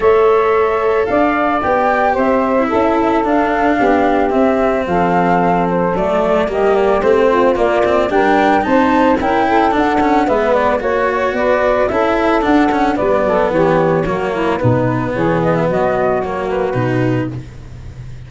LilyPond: <<
  \new Staff \with { instrumentName = "flute" } { \time 4/4 \tempo 4 = 111 e''2 f''4 g''4 | e''2 f''2 | e''4 f''4. c''8 d''4 | dis''8 d''8 c''4 d''4 g''4 |
a''4 g''4 fis''4 e''8 d''8 | cis''4 d''4 e''4 fis''4 | d''4 cis''2 b'4 | cis''8 dis''16 e''16 dis''4 cis''8 b'4. | }
  \new Staff \with { instrumentName = "saxophone" } { \time 4/4 cis''2 d''2 | c''4 a'2 g'4~ | g'4 a'2. | g'4. f'4. ais'4 |
c''4 ais'8 a'4. b'4 | cis''4 b'4 a'2 | b'8 a'8 g'4 fis'8 e'8 dis'4 | gis'4 fis'2. | }
  \new Staff \with { instrumentName = "cello" } { \time 4/4 a'2. g'4~ | g'8. e'4~ e'16 d'2 | c'2. a4 | ais4 c'4 ais8 c'8 d'4 |
dis'4 e'4 d'8 cis'8 b4 | fis'2 e'4 d'8 cis'8 | b2 ais4 b4~ | b2 ais4 dis'4 | }
  \new Staff \with { instrumentName = "tuba" } { \time 4/4 a2 d'4 b4 | c'4 cis'4 d'4 b4 | c'4 f2 fis4 | g4 a4 ais4 g4 |
c'4 cis'4 d'4 gis4 | ais4 b4 cis'4 d'4 | g8 fis8 e4 fis4 b,4 | e4 fis2 b,4 | }
>>